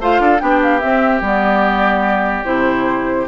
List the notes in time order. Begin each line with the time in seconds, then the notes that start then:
0.00 A3 F4 C5 F5
0.20 D4 A4
0.39 B3 D4 G4 G5
0.63 F5
0.80 C4 E5
1.21 G3 B3 D5
2.44 C3 E4 C5